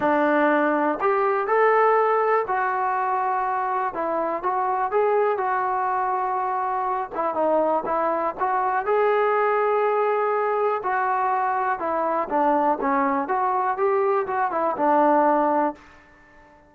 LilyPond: \new Staff \with { instrumentName = "trombone" } { \time 4/4 \tempo 4 = 122 d'2 g'4 a'4~ | a'4 fis'2. | e'4 fis'4 gis'4 fis'4~ | fis'2~ fis'8 e'8 dis'4 |
e'4 fis'4 gis'2~ | gis'2 fis'2 | e'4 d'4 cis'4 fis'4 | g'4 fis'8 e'8 d'2 | }